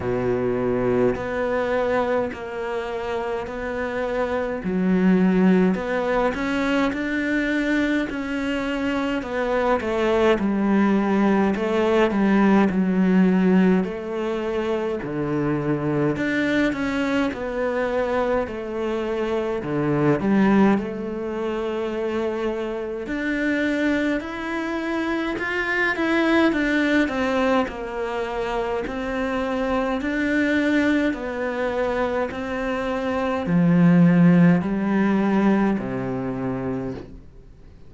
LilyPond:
\new Staff \with { instrumentName = "cello" } { \time 4/4 \tempo 4 = 52 b,4 b4 ais4 b4 | fis4 b8 cis'8 d'4 cis'4 | b8 a8 g4 a8 g8 fis4 | a4 d4 d'8 cis'8 b4 |
a4 d8 g8 a2 | d'4 e'4 f'8 e'8 d'8 c'8 | ais4 c'4 d'4 b4 | c'4 f4 g4 c4 | }